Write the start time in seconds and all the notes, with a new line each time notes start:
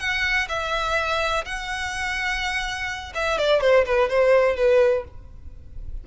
0.00 F#5
0.49 E5
1.45 F#5
3.15 E5
3.38 D5
3.61 C5
3.86 B4
4.10 C5
4.56 B4